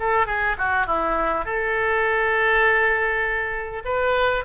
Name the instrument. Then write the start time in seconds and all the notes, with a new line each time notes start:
oboe
0.00 A4
0.27 G#4
0.58 F#4
0.87 E4
1.46 A4
3.85 B4